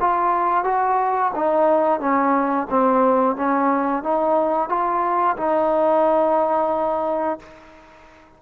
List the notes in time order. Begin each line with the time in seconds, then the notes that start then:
0.00 F4
0.64 F#4
1.35 D#4
2.00 C#4
2.70 C4
3.36 C#4
4.03 D#4
4.69 F4
5.37 D#4